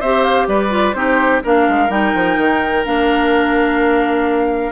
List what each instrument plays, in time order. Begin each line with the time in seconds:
0.00 bassoon C4, clarinet G4, oboe C5, flute E5
0.24 flute F5
0.47 bassoon G3, oboe B4, flute D5
0.69 clarinet F4
0.93 bassoon C4, clarinet D#4, oboe G4, flute C5
1.43 bassoon A#3, clarinet D4, oboe A#4, flute F5
1.68 bassoon G#3
1.89 bassoon G3, clarinet D#4, flute G5
2.14 bassoon F3
2.37 bassoon D#3
2.84 bassoon A#3, clarinet D4, flute F5